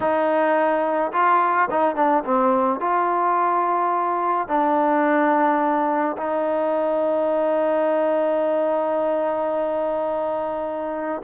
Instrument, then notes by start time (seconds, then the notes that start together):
trombone
0.00 D#4
1.12 F4
1.70 D#4
1.95 D4
2.24 C4
2.80 F4
4.48 D4
6.17 D#4